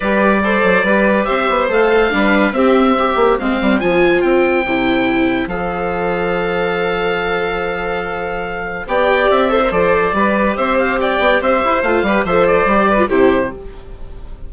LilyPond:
<<
  \new Staff \with { instrumentName = "oboe" } { \time 4/4 \tempo 4 = 142 d''2. e''4 | f''2 e''2 | f''4 gis''4 g''2~ | g''4 f''2.~ |
f''1~ | f''4 g''4 e''4 d''4~ | d''4 e''8 f''8 g''4 e''4 | f''4 e''8 d''4. c''4 | }
  \new Staff \with { instrumentName = "violin" } { \time 4/4 b'4 c''4 b'4 c''4~ | c''4 b'4 g'4 c''4~ | c''1~ | c''1~ |
c''1~ | c''4 d''4. c''4. | b'4 c''4 d''4 c''4~ | c''8 b'8 c''4. b'8 g'4 | }
  \new Staff \with { instrumentName = "viola" } { \time 4/4 g'4 a'4 g'2 | a'4 d'4 c'4 g'4 | c'4 f'2 e'4~ | e'4 a'2.~ |
a'1~ | a'4 g'4. a'16 ais'16 a'4 | g'1 | f'8 g'8 a'4 g'8. f'16 e'4 | }
  \new Staff \with { instrumentName = "bassoon" } { \time 4/4 g4. fis8 g4 c'8 b8 | a4 g4 c'4. ais8 | gis8 g8 f4 c'4 c4~ | c4 f2.~ |
f1~ | f4 b4 c'4 f4 | g4 c'4. b8 c'8 e'8 | a8 g8 f4 g4 c4 | }
>>